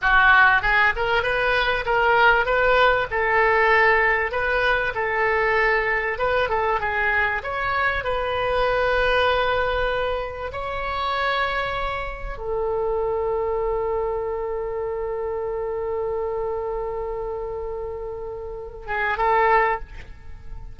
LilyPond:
\new Staff \with { instrumentName = "oboe" } { \time 4/4 \tempo 4 = 97 fis'4 gis'8 ais'8 b'4 ais'4 | b'4 a'2 b'4 | a'2 b'8 a'8 gis'4 | cis''4 b'2.~ |
b'4 cis''2. | a'1~ | a'1~ | a'2~ a'8 gis'8 a'4 | }